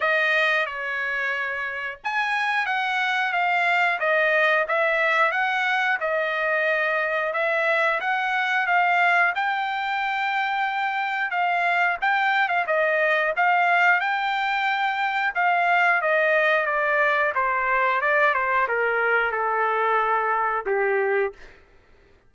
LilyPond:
\new Staff \with { instrumentName = "trumpet" } { \time 4/4 \tempo 4 = 90 dis''4 cis''2 gis''4 | fis''4 f''4 dis''4 e''4 | fis''4 dis''2 e''4 | fis''4 f''4 g''2~ |
g''4 f''4 g''8. f''16 dis''4 | f''4 g''2 f''4 | dis''4 d''4 c''4 d''8 c''8 | ais'4 a'2 g'4 | }